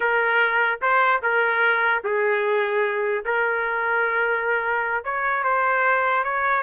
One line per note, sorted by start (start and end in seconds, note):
0.00 0.79 A#4
0.81 1.21 C5
1.22 2.02 A#4
2.04 3.25 G#4
3.25 5.04 A#4
5.04 5.43 C#5
5.43 6.24 C5
6.24 6.63 C#5